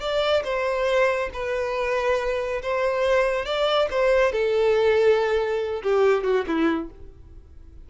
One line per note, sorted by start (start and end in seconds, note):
0.00 0.43 D5
0.44 1.30 C5
1.33 2.62 B4
2.62 3.45 C5
3.45 3.88 D5
3.90 4.32 C5
4.32 5.82 A4
5.83 6.23 G4
6.23 6.45 F#4
6.47 6.90 E4